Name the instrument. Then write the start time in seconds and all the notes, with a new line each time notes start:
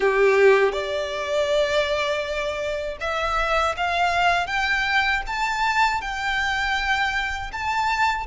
violin
0.00 G4
0.72 D5
3.00 E5
3.77 F5
4.46 G5
5.26 A5
6.01 G5
7.52 A5